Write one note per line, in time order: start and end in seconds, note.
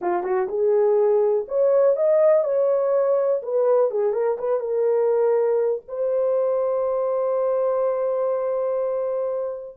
0.01 0.23 F4
0.23 0.47 F#4
0.48 1.45 G#4
1.48 1.96 C#5
1.96 2.44 D#5
2.44 3.41 C#5
3.42 3.90 B4
3.90 4.12 G#4
4.12 4.37 A#4
4.38 4.60 B4
4.60 5.82 A#4
5.88 9.77 C5